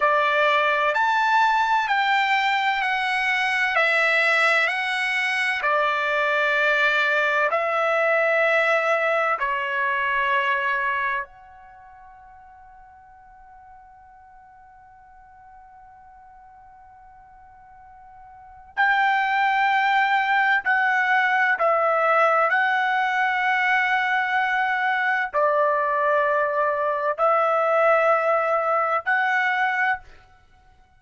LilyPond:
\new Staff \with { instrumentName = "trumpet" } { \time 4/4 \tempo 4 = 64 d''4 a''4 g''4 fis''4 | e''4 fis''4 d''2 | e''2 cis''2 | fis''1~ |
fis''1 | g''2 fis''4 e''4 | fis''2. d''4~ | d''4 e''2 fis''4 | }